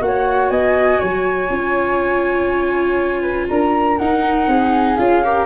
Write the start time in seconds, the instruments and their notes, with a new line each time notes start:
0.00 tuba A#3, viola F#4, flute F#5
0.06 flute C#5
0.50 tuba B3, flute D#5 G#5
1.00 tuba F#3, flute C#5
1.48 tuba C#4, viola F4
3.22 flute B4
3.49 tuba D4, flute A#4 A#5
3.98 tuba D#4, viola D#4, flute F#5
4.48 tuba C4, flute G#4
4.96 tuba C#4, viola F4, flute F5
5.24 viola G4, flute A#4